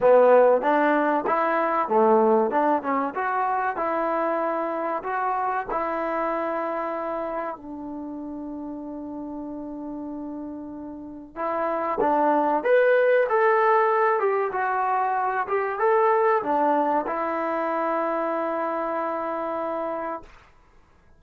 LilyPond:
\new Staff \with { instrumentName = "trombone" } { \time 4/4 \tempo 4 = 95 b4 d'4 e'4 a4 | d'8 cis'8 fis'4 e'2 | fis'4 e'2. | d'1~ |
d'2 e'4 d'4 | b'4 a'4. g'8 fis'4~ | fis'8 g'8 a'4 d'4 e'4~ | e'1 | }